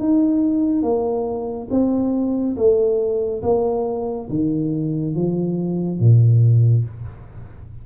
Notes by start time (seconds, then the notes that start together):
0.00 D#4
0.83 A#3
1.71 C4
2.57 A3
3.43 A#3
4.30 D#3
5.15 F3
6.00 A#2